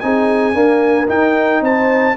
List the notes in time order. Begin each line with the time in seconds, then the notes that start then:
0.00 C4 D#4 G#4 G#5
0.53 A#3 D4 A#4
1.07 D#4 G5
1.61 C4 C5 A5